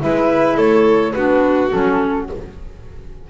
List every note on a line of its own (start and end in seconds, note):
0.00 0.58 G#3
0.00 1.13 E4
0.00 0.56 B4
0.00 0.58 E5
0.56 1.14 A3
0.56 1.13 A4
0.56 1.12 C#5
1.12 1.73 B3
1.12 1.70 D4
1.12 2.28 F#4
1.12 1.69 B4
1.70 2.30 F#3
1.70 2.27 C#4
1.70 2.28 A4